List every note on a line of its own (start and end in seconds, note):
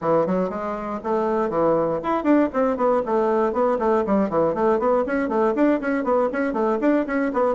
0.01 0.26 E3
0.26 0.49 F#3
0.49 0.99 G#3
1.03 1.49 A3
1.49 1.99 E3
2.03 2.23 E4
2.23 2.48 D4
2.53 2.76 C4
2.76 3.02 B3
3.05 3.52 A3
3.52 3.78 B3
3.78 4.04 A3
4.06 4.29 G3
4.29 4.54 E3
4.54 4.79 A3
4.79 5.04 B3
5.06 5.28 C#4
5.28 5.53 A3
5.55 5.80 D4
5.80 6.04 C#4
6.04 6.29 B3
6.32 6.53 C#4
6.53 6.78 A3
6.80 7.06 D4
7.07 7.32 C#4
7.33 7.55 B3